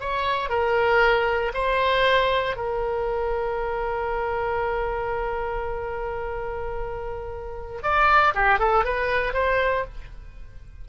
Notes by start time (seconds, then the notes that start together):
0.00 C#5
0.49 A#4
1.54 C5
2.56 A#4
7.82 D5
8.34 G4
8.59 A4
8.85 B4
9.33 C5